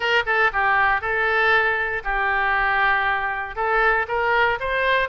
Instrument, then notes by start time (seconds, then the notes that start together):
oboe
0.00 A#4
0.25 A4
0.52 G4
1.01 A4
2.03 G4
3.55 A4
4.07 A#4
4.59 C5